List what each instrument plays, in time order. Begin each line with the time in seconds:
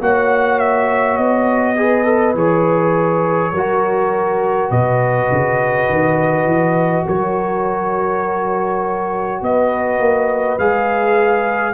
0.00 tuba A#3, trombone F#4, horn C#5, trumpet F#5
0.59 trumpet E5
1.17 tuba B3, trumpet D#5
1.76 trombone G#4, horn B4
2.04 trombone A4
2.34 tuba E3, trombone G#4, trumpet C#5
3.52 tuba F#3, trombone F#4, horn A#4
4.69 tuba B2, horn B4, trumpet D#5
5.32 tuba C#3
5.88 tuba D#3
6.44 tuba E3
7.06 tuba F#3, horn A#4, trumpet C#5
9.41 tuba B3, horn B4, trumpet D#5
9.99 tuba A#3
10.58 tuba G#3, trombone G#4, trumpet F5